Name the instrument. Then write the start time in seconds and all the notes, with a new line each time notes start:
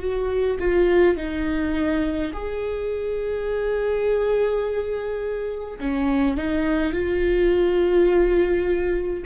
viola
0.00 F#4
0.60 F4
1.17 D#4
2.33 G#4
5.80 C#4
6.37 D#4
6.93 F4